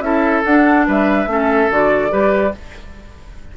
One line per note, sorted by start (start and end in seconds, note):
0.00 0.42 C#4
0.00 0.43 E4
0.00 0.87 A4
0.00 0.42 E5
0.44 0.87 D4
0.44 1.28 D4
0.44 0.86 F#5
0.87 1.26 G3
0.87 1.28 B4
0.87 1.73 E5
1.26 1.68 A3
1.26 1.69 C#4
1.26 2.12 A4
1.70 2.12 D3
1.70 2.10 F#4
1.70 2.57 D5
2.10 2.54 G3
2.10 2.51 G4
2.10 2.53 B4